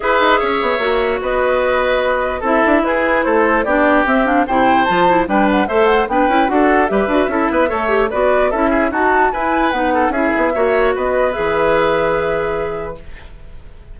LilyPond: <<
  \new Staff \with { instrumentName = "flute" } { \time 4/4 \tempo 4 = 148 e''2. dis''4~ | dis''2 e''4 b'4 | c''4 d''4 e''8 f''8 g''4 | a''4 g''8 fis''8 e''8 fis''8 g''4 |
fis''4 e''2. | d''4 e''4 a''4 gis''4 | fis''4 e''2 dis''4 | e''1 | }
  \new Staff \with { instrumentName = "oboe" } { \time 4/4 b'4 cis''2 b'4~ | b'2 a'4 gis'4 | a'4 g'2 c''4~ | c''4 b'4 c''4 b'4 |
a'4 b'4 a'8 b'8 cis''4 | b'4 a'8 gis'8 fis'4 b'4~ | b'8 a'8 gis'4 cis''4 b'4~ | b'1 | }
  \new Staff \with { instrumentName = "clarinet" } { \time 4/4 gis'2 fis'2~ | fis'2 e'2~ | e'4 d'4 c'8 d'8 e'4 | f'8 e'8 d'4 a'4 d'8 e'8 |
fis'4 g'8 fis'8 e'4 a'8 g'8 | fis'4 e'4 fis'4 e'4 | dis'4 e'4 fis'2 | gis'1 | }
  \new Staff \with { instrumentName = "bassoon" } { \time 4/4 e'8 dis'8 cis'8 b8 ais4 b4~ | b2 c'8 d'8 e'4 | a4 b4 c'4 c4 | f4 g4 a4 b8 cis'8 |
d'4 g8 d'8 cis'8 b8 a4 | b4 cis'4 dis'4 e'4 | b4 cis'8 b8 ais4 b4 | e1 | }
>>